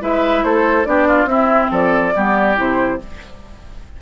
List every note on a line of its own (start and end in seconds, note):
0.00 0.43 G#3
0.00 0.85 E4
0.00 0.44 B4
0.00 0.43 E5
0.43 0.86 A3
0.43 0.87 A4
0.43 0.85 C5
0.85 1.24 B3
0.85 1.27 D4
0.85 1.07 G4
0.85 1.27 D5
1.07 1.29 F4
1.24 1.67 C4
1.24 2.13 C4
1.24 1.71 E4
1.24 1.70 E5
1.71 2.13 F3
1.71 2.13 A4
1.71 2.58 D5
2.14 2.58 G3
2.14 2.56 B3
2.14 3.00 G4
2.56 3.01 C3
2.56 2.98 E4
2.56 3.01 C5